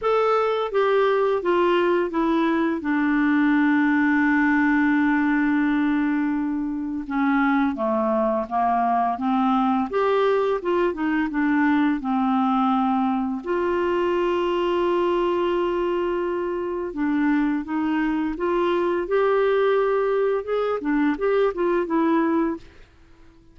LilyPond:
\new Staff \with { instrumentName = "clarinet" } { \time 4/4 \tempo 4 = 85 a'4 g'4 f'4 e'4 | d'1~ | d'2 cis'4 a4 | ais4 c'4 g'4 f'8 dis'8 |
d'4 c'2 f'4~ | f'1 | d'4 dis'4 f'4 g'4~ | g'4 gis'8 d'8 g'8 f'8 e'4 | }